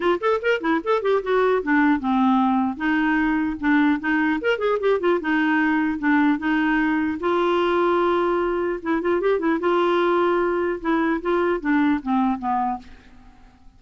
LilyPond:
\new Staff \with { instrumentName = "clarinet" } { \time 4/4 \tempo 4 = 150 f'8 a'8 ais'8 e'8 a'8 g'8 fis'4 | d'4 c'2 dis'4~ | dis'4 d'4 dis'4 ais'8 gis'8 | g'8 f'8 dis'2 d'4 |
dis'2 f'2~ | f'2 e'8 f'8 g'8 e'8 | f'2. e'4 | f'4 d'4 c'4 b4 | }